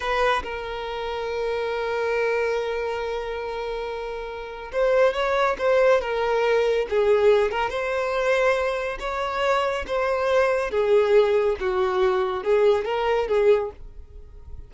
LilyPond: \new Staff \with { instrumentName = "violin" } { \time 4/4 \tempo 4 = 140 b'4 ais'2.~ | ais'1~ | ais'2. c''4 | cis''4 c''4 ais'2 |
gis'4. ais'8 c''2~ | c''4 cis''2 c''4~ | c''4 gis'2 fis'4~ | fis'4 gis'4 ais'4 gis'4 | }